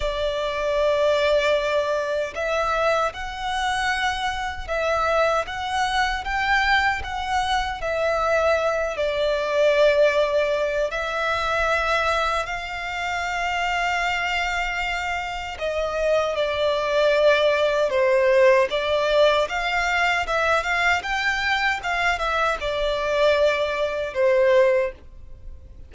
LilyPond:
\new Staff \with { instrumentName = "violin" } { \time 4/4 \tempo 4 = 77 d''2. e''4 | fis''2 e''4 fis''4 | g''4 fis''4 e''4. d''8~ | d''2 e''2 |
f''1 | dis''4 d''2 c''4 | d''4 f''4 e''8 f''8 g''4 | f''8 e''8 d''2 c''4 | }